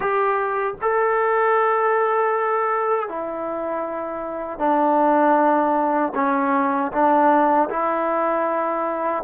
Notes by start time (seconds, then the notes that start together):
0.00 G4
0.81 A4
3.08 E4
4.58 D4
6.14 C#4
6.92 D4
7.69 E4